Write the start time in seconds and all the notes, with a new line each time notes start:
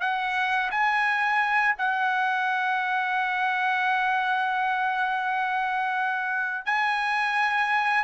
0.00 F#5
0.71 G#5
1.78 F#5
6.65 G#5